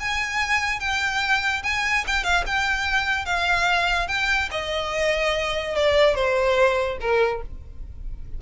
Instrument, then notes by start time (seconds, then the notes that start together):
violin
0.00 G#5
0.80 G5
1.63 G#5
2.07 G5
2.24 F5
2.47 G5
3.26 F5
4.08 G5
4.51 D#5
5.76 D5
6.15 C5
7.01 A#4